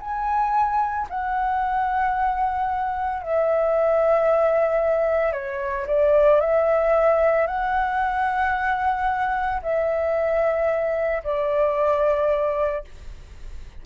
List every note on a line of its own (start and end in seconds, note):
0.00 1.07 G#5
1.09 3.22 F#5
3.22 5.32 E5
5.32 5.85 C#5
5.87 6.40 D5
6.40 7.47 E5
7.47 9.61 F#5
9.62 11.23 E5
11.24 12.84 D5